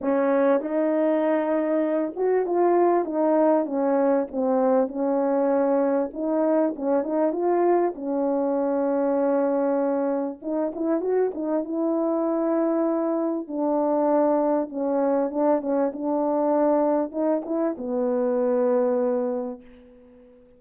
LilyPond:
\new Staff \with { instrumentName = "horn" } { \time 4/4 \tempo 4 = 98 cis'4 dis'2~ dis'8 fis'8 | f'4 dis'4 cis'4 c'4 | cis'2 dis'4 cis'8 dis'8 | f'4 cis'2.~ |
cis'4 dis'8 e'8 fis'8 dis'8 e'4~ | e'2 d'2 | cis'4 d'8 cis'8 d'2 | dis'8 e'8 b2. | }